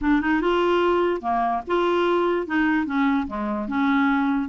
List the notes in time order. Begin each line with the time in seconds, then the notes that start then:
0.01 D4
0.21 D#4
0.41 F4
1.21 A#3
1.67 F4
2.47 D#4
2.86 C#4
3.27 G#3
3.67 C#4